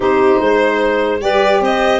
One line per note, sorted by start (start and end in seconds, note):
0.00 0.39 C4
0.00 1.18 D#4
0.00 0.40 G4
0.00 1.21 C5
0.40 1.20 G#3
0.40 1.20 C5
1.20 1.60 G3
1.20 2.00 G4
1.20 1.61 B4
1.20 1.61 D5
1.60 2.00 C4
1.60 2.00 C5
1.60 2.00 D#5